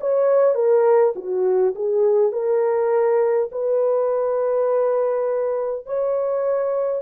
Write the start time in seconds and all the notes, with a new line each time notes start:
0.00 C#5
0.55 A#4
1.16 F#4
1.75 G#4
2.32 A#4
3.51 B4
5.86 C#5